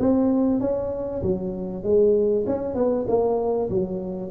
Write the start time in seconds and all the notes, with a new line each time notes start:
0.00 C4
0.60 C#4
1.23 F#3
1.84 G#3
2.47 C#4
2.75 B3
3.08 A#3
3.70 F#3